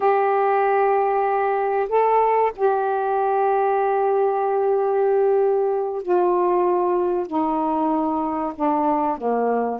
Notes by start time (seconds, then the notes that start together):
0.00 G4
1.88 A4
2.56 G4
6.02 F4
7.27 D#4
8.55 D4
9.17 A#3